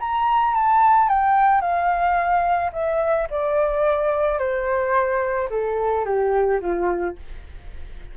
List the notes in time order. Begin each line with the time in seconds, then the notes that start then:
0.00 A#5
0.55 A5
1.09 G5
1.61 F5
2.73 E5
3.31 D5
4.39 C5
5.50 A4
6.06 G4
6.61 F4